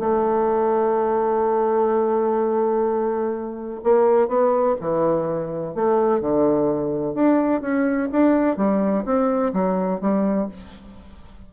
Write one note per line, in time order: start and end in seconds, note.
0.00 3.81 A3
3.84 4.29 A#3
4.29 4.76 B3
4.81 5.75 E3
5.75 6.21 A3
6.21 7.15 D3
7.15 7.62 D4
7.62 8.10 C#4
8.13 8.57 D4
8.57 9.05 G3
9.06 9.53 C4
9.54 10.01 F#3
10.01 10.49 G3